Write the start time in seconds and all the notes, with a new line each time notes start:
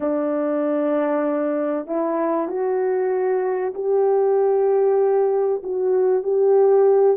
0.00 D4
1.86 E4
2.48 F#4
3.74 G4
5.62 F#4
6.23 G4